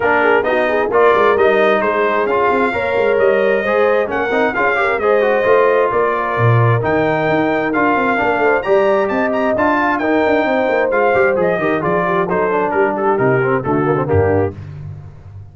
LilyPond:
<<
  \new Staff \with { instrumentName = "trumpet" } { \time 4/4 \tempo 4 = 132 ais'4 dis''4 d''4 dis''4 | c''4 f''2 dis''4~ | dis''4 fis''4 f''4 dis''4~ | dis''4 d''2 g''4~ |
g''4 f''2 ais''4 | a''8 ais''8 a''4 g''2 | f''4 dis''4 d''4 c''4 | ais'8 a'8 ais'4 a'4 g'4 | }
  \new Staff \with { instrumentName = "horn" } { \time 4/4 ais'8 gis'8 fis'8 gis'8 ais'2 | gis'2 cis''2 | c''4 ais'4 gis'8 ais'8 c''4~ | c''4 ais'2.~ |
ais'2~ ais'8 c''8 d''4 | dis''4. f''8 ais'4 c''4~ | c''4. ais'8 gis'8 g'8 a'4 | g'2 fis'4 d'4 | }
  \new Staff \with { instrumentName = "trombone" } { \time 4/4 d'4 dis'4 f'4 dis'4~ | dis'4 f'4 ais'2 | gis'4 cis'8 dis'8 f'8 g'8 gis'8 fis'8 | f'2. dis'4~ |
dis'4 f'4 d'4 g'4~ | g'4 f'4 dis'2 | f'8 g'8 gis'8 g'8 f'4 dis'8 d'8~ | d'4 dis'8 c'8 a8 ais16 c'16 ais4 | }
  \new Staff \with { instrumentName = "tuba" } { \time 4/4 ais4 b4 ais8 gis8 g4 | gis4 cis'8 c'8 ais8 gis8 g4 | gis4 ais8 c'8 cis'4 gis4 | a4 ais4 ais,4 dis4 |
dis'4 d'8 c'8 ais8 a8 g4 | c'4 d'4 dis'8 d'8 c'8 ais8 | gis8 g8 f8 dis8 f4 fis4 | g4 c4 d4 g,4 | }
>>